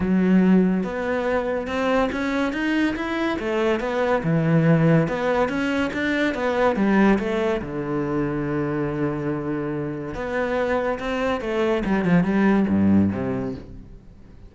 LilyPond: \new Staff \with { instrumentName = "cello" } { \time 4/4 \tempo 4 = 142 fis2 b2 | c'4 cis'4 dis'4 e'4 | a4 b4 e2 | b4 cis'4 d'4 b4 |
g4 a4 d2~ | d1 | b2 c'4 a4 | g8 f8 g4 g,4 c4 | }